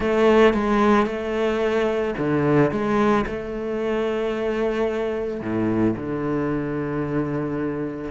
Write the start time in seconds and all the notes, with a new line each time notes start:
0.00 A3
0.53 G#3
1.06 A3
2.18 D3
2.71 G#3
3.26 A3
5.40 A2
5.96 D3